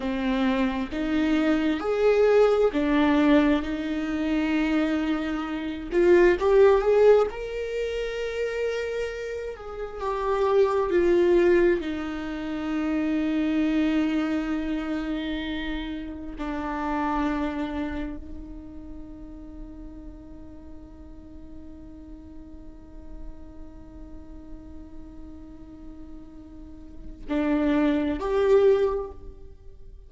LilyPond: \new Staff \with { instrumentName = "viola" } { \time 4/4 \tempo 4 = 66 c'4 dis'4 gis'4 d'4 | dis'2~ dis'8 f'8 g'8 gis'8 | ais'2~ ais'8 gis'8 g'4 | f'4 dis'2.~ |
dis'2 d'2 | dis'1~ | dis'1~ | dis'2 d'4 g'4 | }